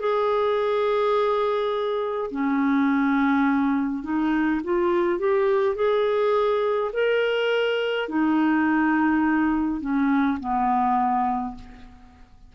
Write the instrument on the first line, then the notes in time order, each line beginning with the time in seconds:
clarinet
0.00 G#4
2.31 C#4
4.03 D#4
4.64 F4
5.19 G4
5.76 G#4
6.93 A#4
8.09 D#4
9.81 C#4
10.40 B3